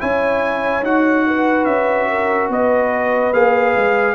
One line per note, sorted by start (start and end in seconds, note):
0.00 0.82 C#4
0.00 0.83 E4
0.00 1.26 C#5
0.00 0.84 G#5
0.82 1.66 D#4
0.82 3.33 F#4
0.82 1.65 F#5
1.27 2.10 B4
1.65 2.49 C#4
1.65 2.48 E5
2.10 2.51 A#4
2.49 3.33 B3
2.49 4.15 B4
2.49 3.33 D#5
3.33 3.75 A#3
3.33 4.15 G#4
3.33 4.15 F5
3.77 4.15 G#3